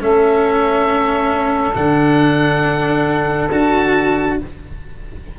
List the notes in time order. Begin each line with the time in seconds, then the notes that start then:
0.00 A3 C#4 A4 E5
1.74 D3 D4 F#5
3.51 D4 F#4 A5